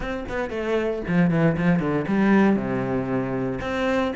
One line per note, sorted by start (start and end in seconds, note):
0.00 0.24 C4
0.28 0.50 B3
0.50 1.02 A3
1.07 1.30 F3
1.30 1.56 E3
1.57 1.79 F3
1.79 2.05 D3
2.07 2.56 G3
2.56 3.59 C3
3.60 4.12 C4